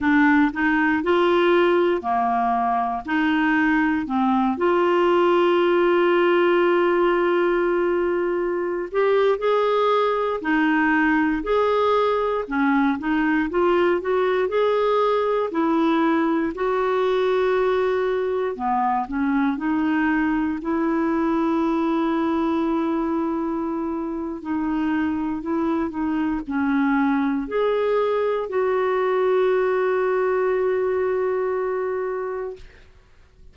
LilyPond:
\new Staff \with { instrumentName = "clarinet" } { \time 4/4 \tempo 4 = 59 d'8 dis'8 f'4 ais4 dis'4 | c'8 f'2.~ f'8~ | f'8. g'8 gis'4 dis'4 gis'8.~ | gis'16 cis'8 dis'8 f'8 fis'8 gis'4 e'8.~ |
e'16 fis'2 b8 cis'8 dis'8.~ | dis'16 e'2.~ e'8. | dis'4 e'8 dis'8 cis'4 gis'4 | fis'1 | }